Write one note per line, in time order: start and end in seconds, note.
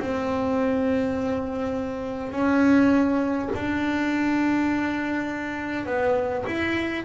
0.00 2.32 C4
2.32 3.50 C#4
3.55 5.86 D4
5.86 6.45 B3
6.47 7.05 E4